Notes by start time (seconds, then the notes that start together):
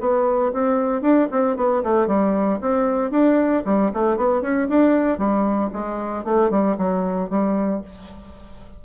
0.00 B3
0.53 C4
1.02 D4
1.31 C4
1.56 B3
1.83 A3
2.07 G3
2.61 C4
3.11 D4
3.65 G3
3.93 A3
4.16 B3
4.41 C#4
4.69 D4
5.18 G3
5.73 G#3
6.24 A3
6.50 G3
6.77 F#3
7.29 G3